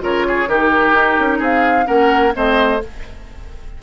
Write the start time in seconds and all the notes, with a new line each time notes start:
0.00 C#3 F4 A#4 C#5
0.27 G#4
0.47 D#3 D#4 G4 A#4
0.93 D#4
1.19 C#4
1.38 C4 G#4 F5
1.85 A#3 C#4 A#4 F#5
2.32 A3 C4 C5 D#5